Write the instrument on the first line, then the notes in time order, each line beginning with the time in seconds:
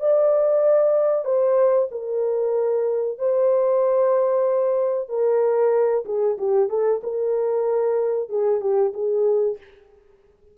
horn
0.00 D5
1.25 C5
1.91 A#4
3.19 C5
5.09 A#4
6.06 G#4
6.38 G4
6.70 A4
7.03 A#4
8.29 G#4
8.61 G4
8.94 G#4